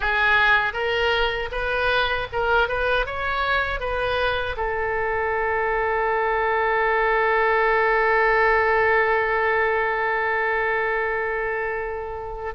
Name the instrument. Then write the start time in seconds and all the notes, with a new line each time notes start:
oboe
0.00 G#4
0.73 A#4
1.51 B4
2.32 A#4
2.68 B4
3.06 C#5
3.80 B4
4.56 A4